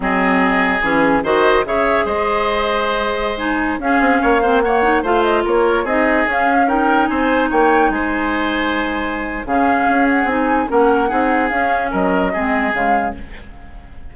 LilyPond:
<<
  \new Staff \with { instrumentName = "flute" } { \time 4/4 \tempo 4 = 146 dis''2 gis'4 dis''4 | e''4 dis''2.~ | dis''16 gis''4 f''2 fis''8.~ | fis''16 f''8 dis''8 cis''4 dis''4 f''8.~ |
f''16 g''4 gis''4 g''4 gis''8.~ | gis''2. f''4~ | f''8 fis''8 gis''4 fis''2 | f''4 dis''2 f''4 | }
  \new Staff \with { instrumentName = "oboe" } { \time 4/4 gis'2. c''4 | cis''4 c''2.~ | c''4~ c''16 gis'4 cis''8 c''8 cis''8.~ | cis''16 c''4 ais'4 gis'4.~ gis'16~ |
gis'16 ais'4 c''4 cis''4 c''8.~ | c''2. gis'4~ | gis'2 ais'4 gis'4~ | gis'4 ais'4 gis'2 | }
  \new Staff \with { instrumentName = "clarinet" } { \time 4/4 c'2 cis'4 fis'4 | gis'1~ | gis'16 dis'4 cis'4. c'8 ais8 dis'16~ | dis'16 f'2 dis'4 cis'8.~ |
cis'16 dis'2.~ dis'8.~ | dis'2. cis'4~ | cis'4 dis'4 cis'4 dis'4 | cis'2 c'4 gis4 | }
  \new Staff \with { instrumentName = "bassoon" } { \time 4/4 fis2 e4 dis4 | cis4 gis2.~ | gis4~ gis16 cis'8 c'8 ais4.~ ais16~ | ais16 a4 ais4 c'4 cis'8.~ |
cis'4~ cis'16 c'4 ais4 gis8.~ | gis2. cis4 | cis'4 c'4 ais4 c'4 | cis'4 fis4 gis4 cis4 | }
>>